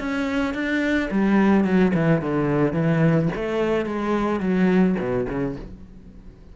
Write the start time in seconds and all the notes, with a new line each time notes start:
0.00 C#4
0.54 D4
1.11 G3
1.65 F#3
1.95 E3
2.22 D3
2.73 E3
3.36 A3
3.86 G#3
4.40 F#3
4.99 B2
5.29 C#3